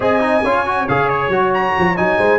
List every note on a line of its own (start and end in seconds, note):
0.00 0.43 C4
0.00 0.19 G#4
0.00 0.44 D#5
0.00 0.88 G#5
0.19 0.41 D#4
0.43 0.87 C#4
0.43 0.65 F4
0.43 2.18 C#5
0.65 0.87 F#4
0.88 1.28 C#3
0.88 1.31 G#4
0.88 1.08 F5
1.08 1.52 C#5
1.28 1.72 F#3
1.28 1.96 F#4
1.54 1.96 A#5
1.78 1.99 F3
1.96 2.17 F#3
1.96 2.38 D#4
1.96 2.38 G#5
2.17 2.38 G#3
2.17 2.38 C5